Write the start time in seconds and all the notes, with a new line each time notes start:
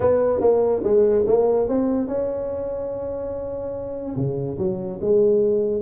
0.00 B3
0.40 A#3
0.83 G#3
1.27 A#3
1.68 C4
2.07 C#4
4.16 C#3
4.58 F#3
5.01 G#3